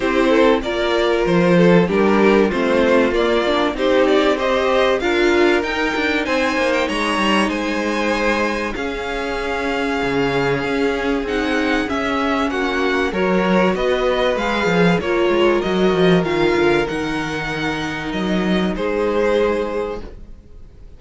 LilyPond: <<
  \new Staff \with { instrumentName = "violin" } { \time 4/4 \tempo 4 = 96 c''4 d''4 c''4 ais'4 | c''4 d''4 c''8 d''8 dis''4 | f''4 g''4 gis''8. g''16 ais''4 | gis''2 f''2~ |
f''2 fis''4 e''4 | fis''4 cis''4 dis''4 f''4 | cis''4 dis''4 f''4 fis''4~ | fis''4 dis''4 c''2 | }
  \new Staff \with { instrumentName = "violin" } { \time 4/4 g'8 a'8 ais'4. a'8 g'4 | f'2 g'4 c''4 | ais'2 c''4 cis''4 | c''2 gis'2~ |
gis'1 | fis'4 ais'4 b'2 | ais'1~ | ais'2 gis'2 | }
  \new Staff \with { instrumentName = "viola" } { \time 4/4 e'4 f'2 d'4 | c'4 ais8 d'8 dis'4 g'4 | f'4 dis'2.~ | dis'2 cis'2~ |
cis'2 dis'4 cis'4~ | cis'4 fis'2 gis'4 | f'4 fis'4 f'4 dis'4~ | dis'1 | }
  \new Staff \with { instrumentName = "cello" } { \time 4/4 c'4 ais4 f4 g4 | a4 ais4 c'2 | d'4 dis'8 d'8 c'8 ais8 gis8 g8 | gis2 cis'2 |
cis4 cis'4 c'4 cis'4 | ais4 fis4 b4 gis8 f8 | ais8 gis8 fis8 f8 dis8 d8 dis4~ | dis4 fis4 gis2 | }
>>